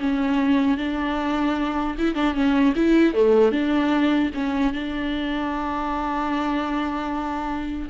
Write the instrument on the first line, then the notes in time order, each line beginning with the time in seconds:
viola
0.00 C#4
0.78 D4
1.98 E4
2.15 D4
2.34 C#4
2.76 E4
3.14 A3
3.52 D4
4.35 C#4
4.73 D4